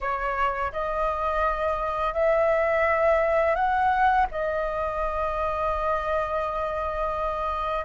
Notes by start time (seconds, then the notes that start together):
0.00 C#5
0.72 D#5
2.13 E5
3.55 F#5
4.31 D#5